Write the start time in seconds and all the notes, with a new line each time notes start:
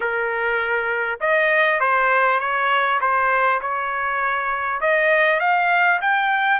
0.00 A#4
1.20 D#5
1.80 C5
2.40 C#5
3.01 C5
3.61 C#5
4.80 D#5
5.40 F5
6.01 G5